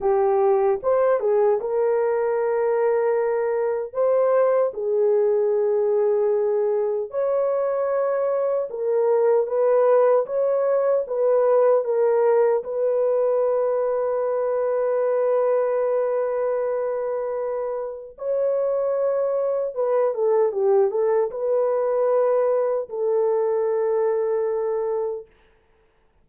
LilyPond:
\new Staff \with { instrumentName = "horn" } { \time 4/4 \tempo 4 = 76 g'4 c''8 gis'8 ais'2~ | ais'4 c''4 gis'2~ | gis'4 cis''2 ais'4 | b'4 cis''4 b'4 ais'4 |
b'1~ | b'2. cis''4~ | cis''4 b'8 a'8 g'8 a'8 b'4~ | b'4 a'2. | }